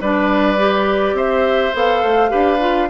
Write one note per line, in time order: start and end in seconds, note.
0.00 1.13 G3
0.00 0.58 D4
0.00 1.16 B4
0.00 1.17 D5
0.58 1.73 G4
1.13 1.70 C4
1.13 2.30 C5
1.13 1.74 E5
1.73 2.02 B3
1.73 2.29 A4
1.73 2.89 F5
2.02 2.31 A3
2.29 2.89 D4
2.29 2.57 G4
2.29 2.88 B4
2.59 2.88 F4